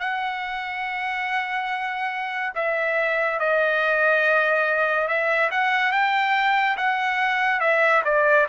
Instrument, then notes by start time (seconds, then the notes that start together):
trumpet
0.00 F#5
2.55 E5
3.40 D#5
5.08 E5
5.51 F#5
5.92 G5
6.77 F#5
7.61 E5
8.05 D5